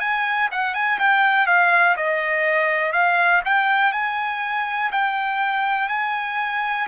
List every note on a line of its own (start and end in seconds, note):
0.00 0.49 G#5
0.51 0.74 F#5
0.74 0.99 G#5
0.99 1.47 G5
1.47 1.96 F5
1.97 2.93 D#5
2.93 3.42 F5
3.45 3.92 G5
3.92 4.90 G#5
4.92 5.88 G5
5.88 6.87 G#5